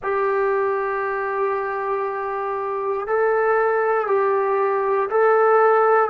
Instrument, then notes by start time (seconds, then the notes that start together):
trombone
0.02 G4
3.07 A4
4.07 G4
5.10 A4